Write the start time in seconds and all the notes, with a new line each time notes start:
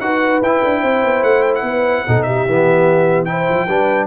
0.00 D#4 F#4 B4 F#5
0.41 E4 G5
0.64 D4
0.81 C4 C5
1.03 B3
1.22 A3 F#5
1.43 G5
1.55 F#5
1.62 B3 B4
2.07 B2 D#4 A4
2.22 G4 E5
2.46 E3 B3
3.25 E4 C5 G5
3.49 F3
3.67 G3 D4 B4